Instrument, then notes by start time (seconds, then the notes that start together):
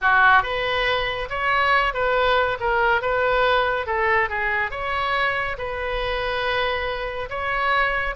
oboe
0.01 F#4
0.42 B4
1.29 C#5
1.93 B4
2.60 A#4
3.01 B4
3.86 A4
4.29 G#4
4.70 C#5
5.57 B4
7.29 C#5